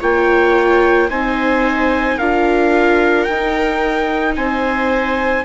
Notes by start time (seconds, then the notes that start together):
0.00 A#3 F4 C#5 G5
1.10 C4 D#4 C5 G#5
2.17 D4 F4 A#4 F5
3.24 D#4 G5
3.32 D#4
4.36 C4 C5 G#5